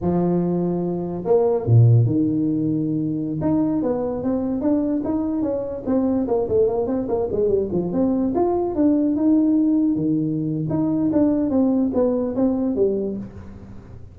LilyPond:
\new Staff \with { instrumentName = "tuba" } { \time 4/4 \tempo 4 = 146 f2. ais4 | ais,4 dis2.~ | dis16 dis'4 b4 c'4 d'8.~ | d'16 dis'4 cis'4 c'4 ais8 a16~ |
a16 ais8 c'8 ais8 gis8 g8 f8 c'8.~ | c'16 f'4 d'4 dis'4.~ dis'16~ | dis'16 dis4.~ dis16 dis'4 d'4 | c'4 b4 c'4 g4 | }